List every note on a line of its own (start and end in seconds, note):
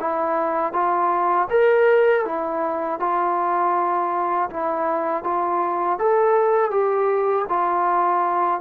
0.00 0.73 E4
0.73 1.48 F4
1.50 2.25 A#4
2.25 3.00 E4
3.00 4.50 F4
4.50 5.24 E4
5.24 5.99 F4
5.99 6.71 A4
6.71 7.46 G4
7.49 8.60 F4